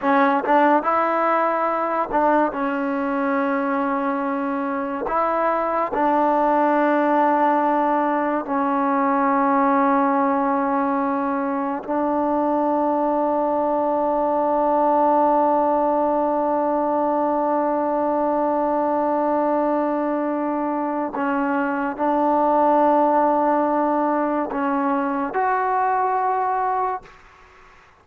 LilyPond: \new Staff \with { instrumentName = "trombone" } { \time 4/4 \tempo 4 = 71 cis'8 d'8 e'4. d'8 cis'4~ | cis'2 e'4 d'4~ | d'2 cis'2~ | cis'2 d'2~ |
d'1~ | d'1~ | d'4 cis'4 d'2~ | d'4 cis'4 fis'2 | }